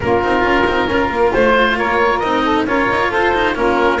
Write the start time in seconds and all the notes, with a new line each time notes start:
0.00 A#3 C#4 F4 A#4
0.22 C4 D#4
0.41 C#4 F4
0.66 C4 D#4
0.87 C#4 F4 A#4
1.09 A#3
1.33 A3 C5
1.77 A#3 A#4 C#5
2.19 C4 D#4 D#5
2.43 A4
2.66 C#4 F4 A#4 C#5
2.89 D#4
3.08 F4 A4 C5
3.34 D#4
3.55 A#3 C#4 F4 A#4